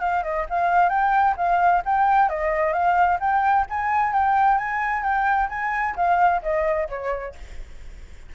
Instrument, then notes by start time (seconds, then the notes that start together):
flute
0.00 F5
0.23 D#5
0.49 F5
0.89 G5
1.36 F5
1.85 G5
2.29 D#5
2.73 F5
3.20 G5
3.69 G#5
4.12 G5
4.58 G#5
5.03 G5
5.49 G#5
5.96 F5
6.42 D#5
6.89 C#5